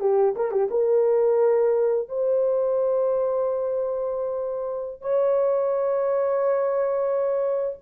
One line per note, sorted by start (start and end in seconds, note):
0.00 0.34 G4
0.35 0.51 A#4
0.51 0.68 G4
0.71 2.08 A#4
2.08 5.01 C5
5.01 7.77 C#5